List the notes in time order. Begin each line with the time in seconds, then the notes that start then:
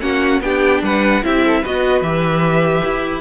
0.00 A#3 C#4 F#4 F#5
0.40 B3 D4 G4 G5
0.82 G3 B4 F#5
1.23 C4 E4 G4 E5
1.45 A4
1.60 B3 F#4 B4 D#5
2.01 E3 G4 E5
2.84 E4